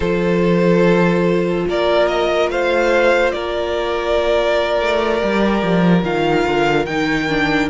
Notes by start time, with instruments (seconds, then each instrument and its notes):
0.00 cello F3, viola F4, violin A4 C5
1.67 cello A#3, violin A#4 D5
2.07 violin D#5
2.49 cello A3, violin C5 F5
3.31 cello A#3, violin A#4 D5
4.80 cello A3
5.19 cello G3, viola G4
5.62 cello F3
6.03 cello D#3, viola F4, violin F5
6.46 cello D3
6.85 cello D#3, viola D#4, violin G5
7.29 viola D4